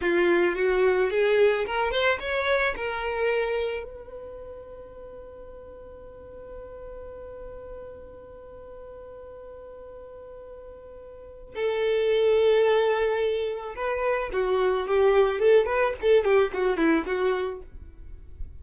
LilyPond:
\new Staff \with { instrumentName = "violin" } { \time 4/4 \tempo 4 = 109 f'4 fis'4 gis'4 ais'8 c''8 | cis''4 ais'2 b'4~ | b'1~ | b'1~ |
b'1~ | b'4 a'2.~ | a'4 b'4 fis'4 g'4 | a'8 b'8 a'8 g'8 fis'8 e'8 fis'4 | }